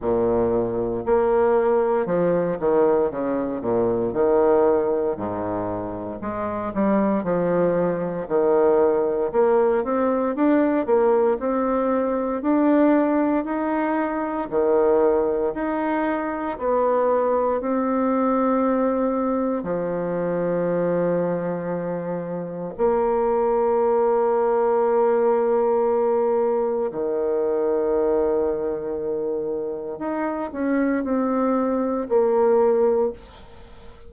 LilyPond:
\new Staff \with { instrumentName = "bassoon" } { \time 4/4 \tempo 4 = 58 ais,4 ais4 f8 dis8 cis8 ais,8 | dis4 gis,4 gis8 g8 f4 | dis4 ais8 c'8 d'8 ais8 c'4 | d'4 dis'4 dis4 dis'4 |
b4 c'2 f4~ | f2 ais2~ | ais2 dis2~ | dis4 dis'8 cis'8 c'4 ais4 | }